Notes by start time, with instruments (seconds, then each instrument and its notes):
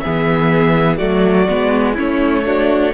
0.00 viola B3, violin G#4 E5
0.06 cello E3
0.97 cello F#3, viola A3, violin F#4 D5
1.49 cello G#3, viola B3
1.94 cello A3, viola C#4, violin E4 C#5
2.45 viola D4, violin F#4